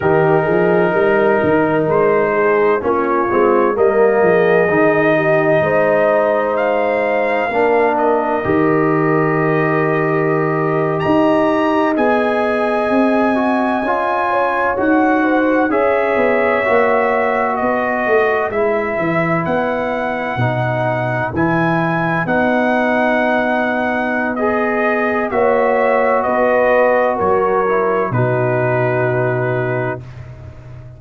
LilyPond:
<<
  \new Staff \with { instrumentName = "trumpet" } { \time 4/4 \tempo 4 = 64 ais'2 c''4 cis''4 | dis''2. f''4~ | f''8 dis''2.~ dis''16 ais''16~ | ais''8. gis''2. fis''16~ |
fis''8. e''2 dis''4 e''16~ | e''8. fis''2 gis''4 fis''16~ | fis''2 dis''4 e''4 | dis''4 cis''4 b'2 | }
  \new Staff \with { instrumentName = "horn" } { \time 4/4 g'8 gis'8 ais'4. gis'8 f'4 | ais'8 gis'4 g'8 c''2 | ais'2.~ ais'8. dis''16~ | dis''2.~ dis''16 cis''8.~ |
cis''16 c''8 cis''2 b'4~ b'16~ | b'1~ | b'2. cis''4 | b'4 ais'4 fis'2 | }
  \new Staff \with { instrumentName = "trombone" } { \time 4/4 dis'2. cis'8 c'8 | ais4 dis'2. | d'4 g'2.~ | g'8. gis'4. fis'8 f'4 fis'16~ |
fis'8. gis'4 fis'2 e'16~ | e'4.~ e'16 dis'4 e'4 dis'16~ | dis'2 gis'4 fis'4~ | fis'4. e'8 dis'2 | }
  \new Staff \with { instrumentName = "tuba" } { \time 4/4 dis8 f8 g8 dis8 gis4 ais8 gis8 | g8 f8 dis4 gis2 | ais4 dis2~ dis8. dis'16~ | dis'8. b4 c'4 cis'4 dis'16~ |
dis'8. cis'8 b8 ais4 b8 a8 gis16~ | gis16 e8 b4 b,4 e4 b16~ | b2. ais4 | b4 fis4 b,2 | }
>>